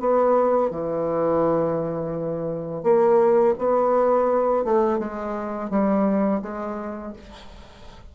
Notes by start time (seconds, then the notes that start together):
0.00 B3
0.70 E3
2.83 A#3
3.58 B3
4.65 A3
4.99 G#3
5.70 G3
6.42 G#3